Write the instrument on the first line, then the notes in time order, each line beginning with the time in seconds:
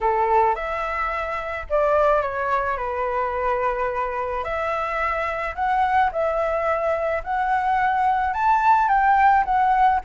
flute
0.00 A4
0.55 E5
1.69 D5
2.22 C#5
2.77 B4
4.43 E5
5.55 F#5
6.11 E5
7.23 F#5
8.33 A5
8.88 G5
9.44 F#5